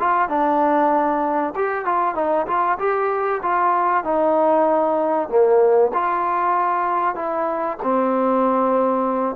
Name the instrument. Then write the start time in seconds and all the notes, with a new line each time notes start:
trombone
0.00 F4
0.29 D4
1.56 G4
1.86 F4
2.15 D#4
2.47 F4
2.79 G4
3.43 F4
4.05 D#4
5.29 A#3
5.94 F4
7.16 E4
7.83 C4